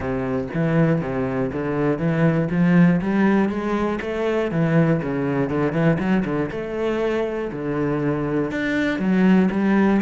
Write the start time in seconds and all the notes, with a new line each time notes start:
0.00 C3
0.53 E3
1.01 C3
1.52 D3
1.98 E3
2.50 F3
3.01 G3
3.49 G#3
4.01 A3
4.51 E3
5.02 C#3
5.49 D3
5.72 E3
5.99 F#3
6.25 D3
6.51 A3
7.52 D3
8.51 D4
8.99 F#3
9.51 G3